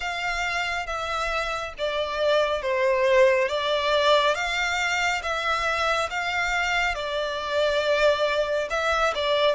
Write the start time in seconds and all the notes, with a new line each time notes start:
0.00 F5
0.86 E5
1.77 D5
2.62 C5
3.48 D5
4.34 F5
5.22 E5
6.09 F5
6.94 D5
8.70 E5
9.15 D5